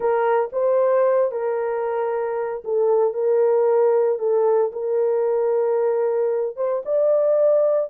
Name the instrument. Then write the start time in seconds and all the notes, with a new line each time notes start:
horn
0.00 A#4
0.52 C5
1.31 A#4
2.64 A4
3.13 A#4
4.18 A4
4.72 A#4
6.56 C5
6.85 D5